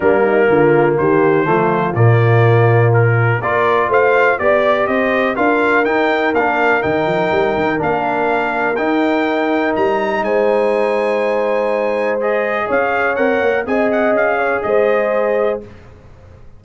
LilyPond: <<
  \new Staff \with { instrumentName = "trumpet" } { \time 4/4 \tempo 4 = 123 ais'2 c''2 | d''2 ais'4 d''4 | f''4 d''4 dis''4 f''4 | g''4 f''4 g''2 |
f''2 g''2 | ais''4 gis''2.~ | gis''4 dis''4 f''4 fis''4 | gis''8 fis''8 f''4 dis''2 | }
  \new Staff \with { instrumentName = "horn" } { \time 4/4 d'8 dis'8 f'4 g'4 f'4~ | f'2. ais'4 | c''4 d''4 c''4 ais'4~ | ais'1~ |
ais'1~ | ais'4 c''2.~ | c''2 cis''2 | dis''4. cis''8 c''2 | }
  \new Staff \with { instrumentName = "trombone" } { \time 4/4 ais2. a4 | ais2. f'4~ | f'4 g'2 f'4 | dis'4 d'4 dis'2 |
d'2 dis'2~ | dis'1~ | dis'4 gis'2 ais'4 | gis'1 | }
  \new Staff \with { instrumentName = "tuba" } { \time 4/4 g4 d4 dis4 f4 | ais,2. ais4 | a4 b4 c'4 d'4 | dis'4 ais4 dis8 f8 g8 dis8 |
ais2 dis'2 | g4 gis2.~ | gis2 cis'4 c'8 ais8 | c'4 cis'4 gis2 | }
>>